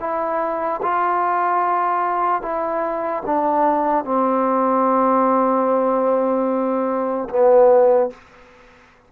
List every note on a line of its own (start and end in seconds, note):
0.00 0.81 E4
0.83 2.42 F4
2.42 3.23 E4
3.26 4.05 D4
4.05 7.29 C4
7.30 8.11 B3